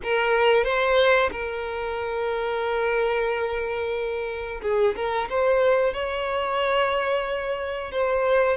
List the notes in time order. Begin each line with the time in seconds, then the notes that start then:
0.03 A#4
0.64 C5
1.31 A#4
4.62 G#4
4.95 A#4
5.29 C5
5.93 C#5
7.91 C5